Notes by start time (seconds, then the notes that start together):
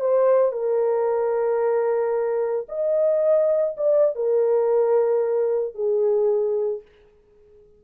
0.00 C5
0.52 A#4
2.68 D#5
3.77 D5
4.15 A#4
5.74 G#4